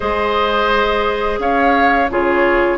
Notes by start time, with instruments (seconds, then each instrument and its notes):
0.00 bassoon G#3, clarinet G#4, oboe C5, flute D#5
1.38 bassoon C#4, oboe C#5, flute F5
2.10 bassoon C#3, clarinet F4, oboe G#4, flute C#5